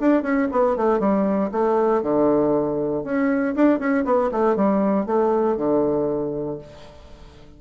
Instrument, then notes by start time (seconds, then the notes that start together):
bassoon
0.00 D4
0.23 C#4
0.52 B3
0.77 A3
1.00 G3
1.52 A3
2.02 D3
3.04 C#4
3.56 D4
3.79 C#4
4.05 B3
4.32 A3
4.56 G3
5.06 A3
5.57 D3